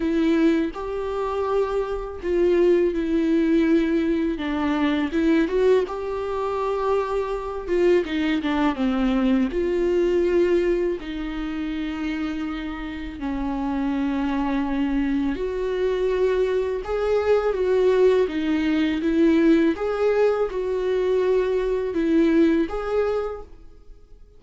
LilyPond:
\new Staff \with { instrumentName = "viola" } { \time 4/4 \tempo 4 = 82 e'4 g'2 f'4 | e'2 d'4 e'8 fis'8 | g'2~ g'8 f'8 dis'8 d'8 | c'4 f'2 dis'4~ |
dis'2 cis'2~ | cis'4 fis'2 gis'4 | fis'4 dis'4 e'4 gis'4 | fis'2 e'4 gis'4 | }